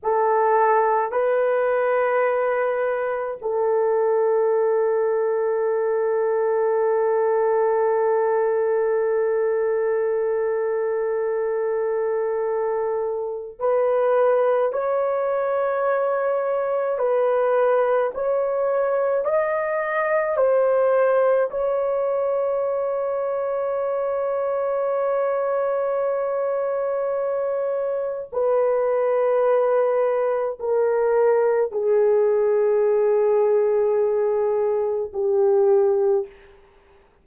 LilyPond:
\new Staff \with { instrumentName = "horn" } { \time 4/4 \tempo 4 = 53 a'4 b'2 a'4~ | a'1~ | a'1 | b'4 cis''2 b'4 |
cis''4 dis''4 c''4 cis''4~ | cis''1~ | cis''4 b'2 ais'4 | gis'2. g'4 | }